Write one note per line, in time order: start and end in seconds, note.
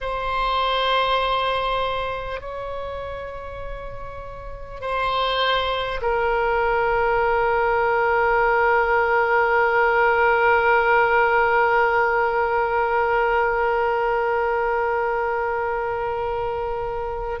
0.01 2.41 C5
2.41 4.80 C#5
4.80 6.00 C5
6.01 17.40 A#4